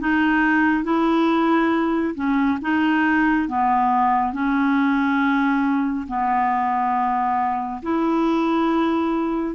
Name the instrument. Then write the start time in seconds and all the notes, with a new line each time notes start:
clarinet
0.00 D#4
0.84 E4
2.15 C#4
2.62 D#4
3.48 B3
4.33 C#4
6.08 B3
7.83 E4